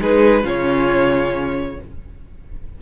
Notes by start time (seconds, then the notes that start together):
0.00 G#3 D#4 G#4 B4
0.42 C#3 C#4 F4 C#5